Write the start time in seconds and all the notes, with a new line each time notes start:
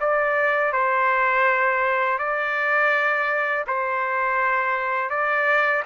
0.00 D5
0.72 C5
2.18 D5
3.67 C5
5.10 D5